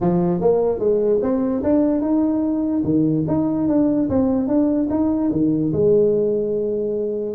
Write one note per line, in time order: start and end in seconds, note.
0.00 0.40 F3
0.40 0.79 A#3
0.79 1.19 G#3
1.22 1.62 C4
1.63 2.01 D4
2.01 2.83 D#4
2.84 3.25 D#3
3.27 3.68 D#4
3.68 4.09 D4
4.09 4.47 C4
4.47 4.88 D4
4.90 5.31 D#4
5.31 5.72 D#3
5.73 7.35 G#3